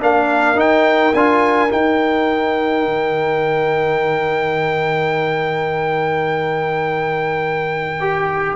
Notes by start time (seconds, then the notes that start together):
0.00 A#3 D4 A#4 F5
0.54 D#4 G5
1.14 D4 F4 G#5
1.69 D#4 G5
2.85 D#3
8.00 G4